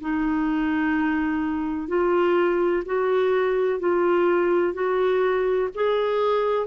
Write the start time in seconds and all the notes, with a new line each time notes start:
0.00 D#4
1.88 F4
2.85 F#4
3.79 F4
4.73 F#4
5.74 G#4